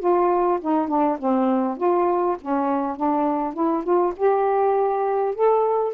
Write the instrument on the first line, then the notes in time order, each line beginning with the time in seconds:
saxophone
0.00 F4
0.62 D#4
0.89 D4
1.19 C4
1.78 F4
2.42 C#4
2.97 D4
3.54 E4
3.84 F4
4.17 G4
5.35 A4